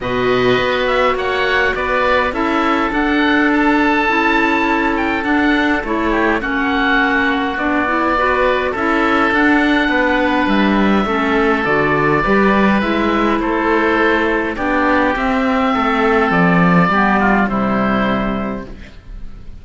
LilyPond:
<<
  \new Staff \with { instrumentName = "oboe" } { \time 4/4 \tempo 4 = 103 dis''4. e''8 fis''4 d''4 | e''4 fis''4 a''2~ | a''8 g''8 fis''4 cis''4 fis''4~ | fis''4 d''2 e''4 |
fis''2 e''2 | d''2 e''4 c''4~ | c''4 d''4 e''2 | d''2 c''2 | }
  \new Staff \with { instrumentName = "oboe" } { \time 4/4 b'2 cis''4 b'4 | a'1~ | a'2~ a'8 g'8 fis'4~ | fis'2 b'4 a'4~ |
a'4 b'2 a'4~ | a'4 b'2 a'4~ | a'4 g'2 a'4~ | a'4 g'8 f'8 e'2 | }
  \new Staff \with { instrumentName = "clarinet" } { \time 4/4 fis'1 | e'4 d'2 e'4~ | e'4 d'4 e'4 cis'4~ | cis'4 d'8 e'8 fis'4 e'4 |
d'2. cis'4 | fis'4 g'4 e'2~ | e'4 d'4 c'2~ | c'4 b4 g2 | }
  \new Staff \with { instrumentName = "cello" } { \time 4/4 b,4 b4 ais4 b4 | cis'4 d'2 cis'4~ | cis'4 d'4 a4 ais4~ | ais4 b2 cis'4 |
d'4 b4 g4 a4 | d4 g4 gis4 a4~ | a4 b4 c'4 a4 | f4 g4 c2 | }
>>